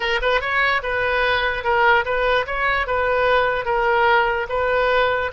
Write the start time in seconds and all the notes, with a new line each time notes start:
0.00 A#4
0.21 B4
0.40 C#5
0.82 B4
1.63 A#4
2.05 B4
2.46 C#5
2.86 B4
3.65 A#4
4.49 B4